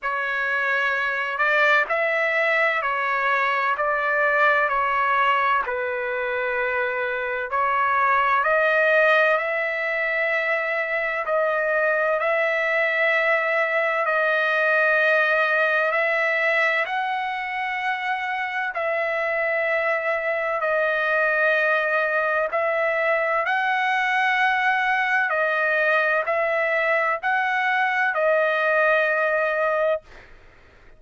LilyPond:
\new Staff \with { instrumentName = "trumpet" } { \time 4/4 \tempo 4 = 64 cis''4. d''8 e''4 cis''4 | d''4 cis''4 b'2 | cis''4 dis''4 e''2 | dis''4 e''2 dis''4~ |
dis''4 e''4 fis''2 | e''2 dis''2 | e''4 fis''2 dis''4 | e''4 fis''4 dis''2 | }